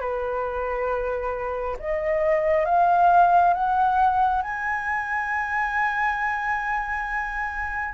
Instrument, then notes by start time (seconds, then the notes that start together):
flute
0.00 B4
1.79 D#5
2.65 F5
3.53 F#5
4.42 G#5